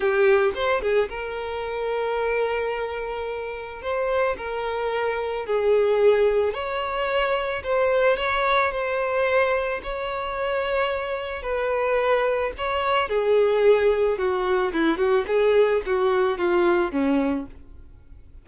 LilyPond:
\new Staff \with { instrumentName = "violin" } { \time 4/4 \tempo 4 = 110 g'4 c''8 gis'8 ais'2~ | ais'2. c''4 | ais'2 gis'2 | cis''2 c''4 cis''4 |
c''2 cis''2~ | cis''4 b'2 cis''4 | gis'2 fis'4 e'8 fis'8 | gis'4 fis'4 f'4 cis'4 | }